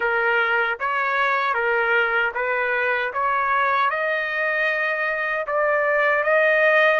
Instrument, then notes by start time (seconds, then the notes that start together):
trumpet
0.00 A#4
0.79 C#5
1.54 A#4
2.34 B4
3.13 C#5
3.90 D#5
5.46 D5
6.23 D#5